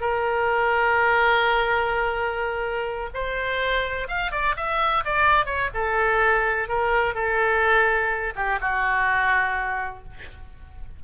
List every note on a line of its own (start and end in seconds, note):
0.00 3.10 A#4
3.14 4.08 C5
4.08 4.31 F5
4.31 4.55 D5
4.56 5.04 E5
5.05 5.45 D5
5.45 5.69 C#5
5.74 6.68 A4
6.68 7.14 A#4
7.14 8.33 A4
8.35 8.59 G4
8.60 10.03 F#4